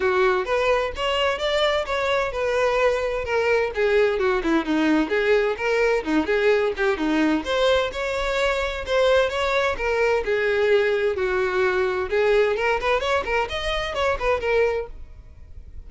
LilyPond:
\new Staff \with { instrumentName = "violin" } { \time 4/4 \tempo 4 = 129 fis'4 b'4 cis''4 d''4 | cis''4 b'2 ais'4 | gis'4 fis'8 e'8 dis'4 gis'4 | ais'4 dis'8 gis'4 g'8 dis'4 |
c''4 cis''2 c''4 | cis''4 ais'4 gis'2 | fis'2 gis'4 ais'8 b'8 | cis''8 ais'8 dis''4 cis''8 b'8 ais'4 | }